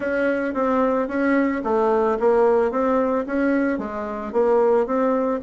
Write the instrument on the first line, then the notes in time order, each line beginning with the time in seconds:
bassoon
0.00 C#4
0.54 C4
1.08 C#4
1.64 A3
2.19 A#3
2.71 C4
3.26 C#4
3.78 G#3
4.32 A#3
4.86 C4